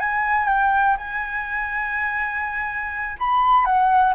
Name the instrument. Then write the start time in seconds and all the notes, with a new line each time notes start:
flute
0.00 G#5
0.48 G5
0.98 G#5
3.19 B5
3.65 F#5